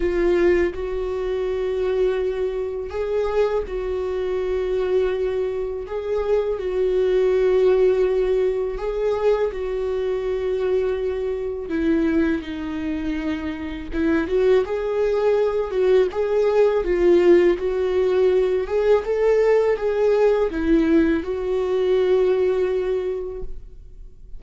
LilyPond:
\new Staff \with { instrumentName = "viola" } { \time 4/4 \tempo 4 = 82 f'4 fis'2. | gis'4 fis'2. | gis'4 fis'2. | gis'4 fis'2. |
e'4 dis'2 e'8 fis'8 | gis'4. fis'8 gis'4 f'4 | fis'4. gis'8 a'4 gis'4 | e'4 fis'2. | }